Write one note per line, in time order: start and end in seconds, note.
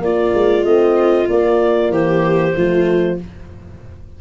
0.00 0.32 A#3
0.00 0.64 A#3
0.00 1.93 F4
0.00 0.65 D5
0.34 0.65 G#3
0.64 1.28 A3
0.64 1.27 C4
0.64 1.28 D#5
1.29 2.55 A#3
1.29 1.90 A#3
1.29 1.93 D5
1.90 2.54 E3
1.90 2.56 G4
1.90 3.19 C5
2.56 3.20 F3
2.56 3.19 A3
2.56 3.21 F4